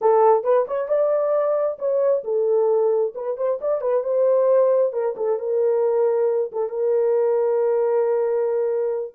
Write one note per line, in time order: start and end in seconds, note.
0.01 0.43 A4
0.43 0.66 B4
0.67 0.88 C#5
0.88 1.78 D5
1.78 2.23 C#5
2.24 3.13 A4
3.14 3.37 B4
3.37 3.59 C5
3.61 3.81 D5
3.81 4.03 B4
4.03 4.92 C5
4.92 5.15 A#4
5.16 5.39 A4
5.39 6.51 A#4
6.51 6.69 A4
6.69 9.15 A#4